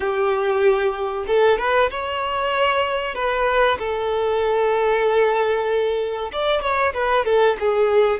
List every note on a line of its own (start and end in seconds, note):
0.00 1.24 G4
1.27 1.58 A4
1.58 1.90 B4
1.90 3.14 C#5
3.14 3.78 B4
3.78 6.31 A4
6.32 6.61 D5
6.61 6.93 C#5
6.93 7.25 B4
7.25 7.56 A4
7.59 8.19 G#4